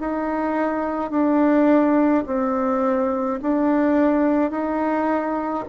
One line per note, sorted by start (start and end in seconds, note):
0.00 1.11 D#4
1.11 2.24 D4
2.26 3.40 C4
3.42 4.51 D4
4.51 5.64 D#4